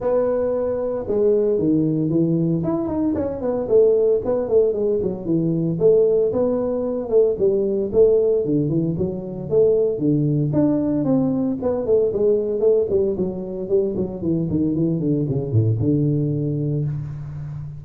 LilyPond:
\new Staff \with { instrumentName = "tuba" } { \time 4/4 \tempo 4 = 114 b2 gis4 dis4 | e4 e'8 dis'8 cis'8 b8 a4 | b8 a8 gis8 fis8 e4 a4 | b4. a8 g4 a4 |
d8 e8 fis4 a4 d4 | d'4 c'4 b8 a8 gis4 | a8 g8 fis4 g8 fis8 e8 dis8 | e8 d8 cis8 a,8 d2 | }